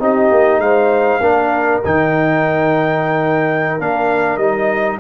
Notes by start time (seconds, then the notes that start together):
0.00 C4 D#4 G4 D#5
0.31 A#3
0.59 G#3 C5 F5
1.21 A#3 D4 A#4
1.84 D#3 D#4 G5
3.80 A#3 D4 F5
4.38 G3 D#4 D#5